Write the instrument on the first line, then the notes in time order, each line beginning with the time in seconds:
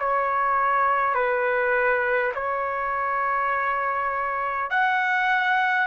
trumpet
0.00 C#5
1.14 B4
2.35 C#5
4.70 F#5